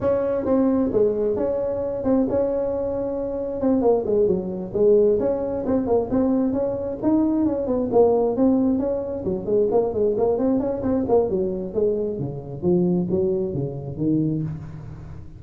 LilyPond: \new Staff \with { instrumentName = "tuba" } { \time 4/4 \tempo 4 = 133 cis'4 c'4 gis4 cis'4~ | cis'8 c'8 cis'2. | c'8 ais8 gis8 fis4 gis4 cis'8~ | cis'8 c'8 ais8 c'4 cis'4 dis'8~ |
dis'8 cis'8 b8 ais4 c'4 cis'8~ | cis'8 fis8 gis8 ais8 gis8 ais8 c'8 cis'8 | c'8 ais8 fis4 gis4 cis4 | f4 fis4 cis4 dis4 | }